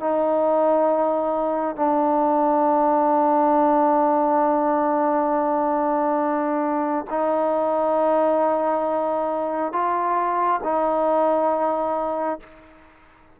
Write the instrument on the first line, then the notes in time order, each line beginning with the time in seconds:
trombone
0.00 D#4
1.76 D4
7.10 D#4
9.72 F4
10.63 D#4